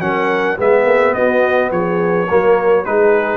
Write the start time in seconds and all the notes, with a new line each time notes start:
0.00 F#3 C#4 A#4 F#5
0.58 G#3 B3 G#4 E5
0.85 A#3
1.14 B3 F#4 D#5
1.71 F3 G#4 C#5
2.27 F#3 A#3 A#4
2.85 G#3 D#4 G#4 B4